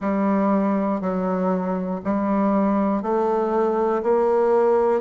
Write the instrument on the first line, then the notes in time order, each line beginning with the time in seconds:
bassoon
0.00 G3
1.00 F#3
2.04 G3
3.02 A3
4.02 A#3